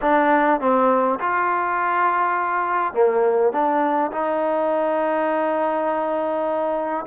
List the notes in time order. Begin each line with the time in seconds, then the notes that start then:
0.01 D4
0.60 C4
1.19 F4
2.93 A#3
3.52 D4
4.11 D#4